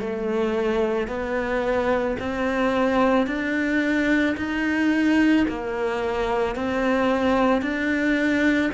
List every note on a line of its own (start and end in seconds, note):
0.00 1.07 A3
1.07 2.16 B3
2.19 3.27 C4
3.27 4.36 D4
4.37 5.46 D#4
5.48 6.55 A#3
6.55 7.62 C4
7.62 8.71 D4